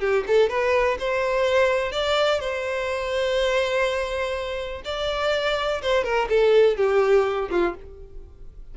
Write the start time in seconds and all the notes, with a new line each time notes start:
0.00 G4
0.27 A4
0.49 B4
0.99 C5
1.92 D5
2.40 C5
4.85 D5
5.82 C5
6.04 A#4
6.29 A4
6.77 G4
7.51 F4